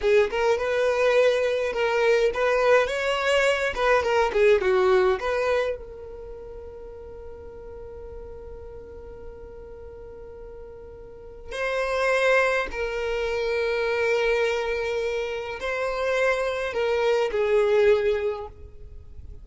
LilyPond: \new Staff \with { instrumentName = "violin" } { \time 4/4 \tempo 4 = 104 gis'8 ais'8 b'2 ais'4 | b'4 cis''4. b'8 ais'8 gis'8 | fis'4 b'4 ais'2~ | ais'1~ |
ais'1 | c''2 ais'2~ | ais'2. c''4~ | c''4 ais'4 gis'2 | }